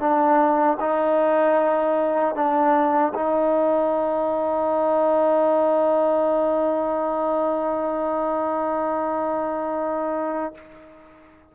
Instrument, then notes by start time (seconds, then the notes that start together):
trombone
0.00 D4
0.80 D#4
2.35 D4
3.14 D#4